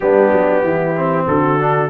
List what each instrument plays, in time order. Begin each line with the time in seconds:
0.00 tuba G3, trombone B3, horn D4, trumpet G4
0.32 tuba F#3
0.63 tuba E3, horn E4
0.96 trombone C4
1.27 tuba D3, horn F#4, trumpet A4
1.59 trombone D4